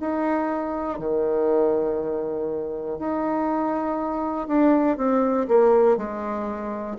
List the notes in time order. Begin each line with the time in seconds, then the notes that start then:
0.00 D#4
0.98 D#3
2.99 D#4
4.48 D4
4.97 C4
5.48 A#3
5.97 G#3